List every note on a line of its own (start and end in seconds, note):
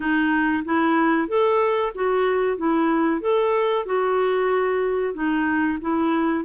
0.00 0.63 D#4
0.65 1.27 E4
1.27 1.92 A4
1.94 2.57 F#4
2.57 3.21 E4
3.21 3.85 A4
3.85 5.13 F#4
5.13 5.78 D#4
5.81 6.44 E4